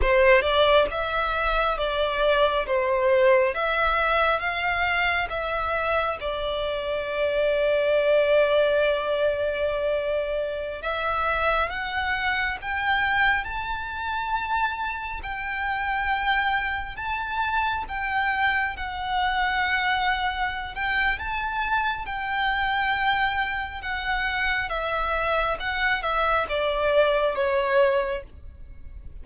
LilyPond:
\new Staff \with { instrumentName = "violin" } { \time 4/4 \tempo 4 = 68 c''8 d''8 e''4 d''4 c''4 | e''4 f''4 e''4 d''4~ | d''1~ | d''16 e''4 fis''4 g''4 a''8.~ |
a''4~ a''16 g''2 a''8.~ | a''16 g''4 fis''2~ fis''16 g''8 | a''4 g''2 fis''4 | e''4 fis''8 e''8 d''4 cis''4 | }